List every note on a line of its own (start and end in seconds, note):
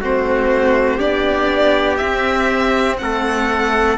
0.00 0.99 A3
0.00 0.99 C4
0.00 0.97 F#4
0.00 1.00 C5
0.97 1.99 B3
0.97 1.99 D4
0.97 2.97 G4
0.97 1.96 D5
1.96 3.98 C4
1.96 3.01 C4
1.96 2.96 E5
2.98 3.98 A3
2.98 3.98 A4
2.98 3.98 F#5